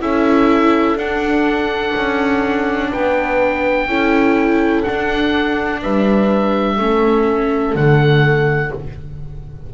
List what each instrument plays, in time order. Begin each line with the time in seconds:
0.00 double bass C#4, viola E4, horn A4, oboe E5
0.95 double bass D4, viola D4, oboe F#5
1.96 double bass C#4
2.91 double bass B3, horn B4, oboe G5
3.87 double bass C#4, viola E4, horn A4
4.83 viola D4, double bass D4, oboe F#5
5.81 double bass G3, horn B4, oboe E5
6.76 double bass A3, viola C#4, horn A4
7.75 double bass D3, viola A3, oboe F#5